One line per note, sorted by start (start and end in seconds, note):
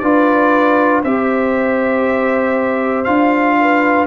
0.00 1.03 D4
0.00 1.05 F4
0.00 1.02 B4
0.00 1.02 D5
1.02 3.07 C4
1.02 3.06 G4
1.02 3.56 C5
1.02 3.04 E5
3.04 4.07 D4
3.04 4.07 F4
3.04 4.06 F5
3.60 4.07 B4